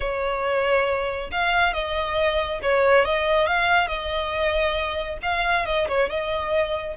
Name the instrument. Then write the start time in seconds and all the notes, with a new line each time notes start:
violin
0.00 C#5
1.31 F5
1.73 D#5
2.62 C#5
3.04 D#5
3.46 F5
3.87 D#5
5.22 F5
5.65 D#5
5.88 C#5
6.09 D#5